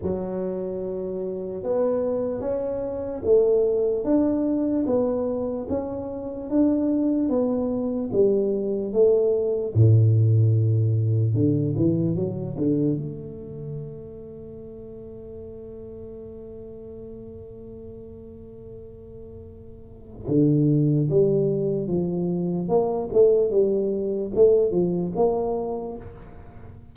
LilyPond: \new Staff \with { instrumentName = "tuba" } { \time 4/4 \tempo 4 = 74 fis2 b4 cis'4 | a4 d'4 b4 cis'4 | d'4 b4 g4 a4 | a,2 d8 e8 fis8 d8 |
a1~ | a1~ | a4 d4 g4 f4 | ais8 a8 g4 a8 f8 ais4 | }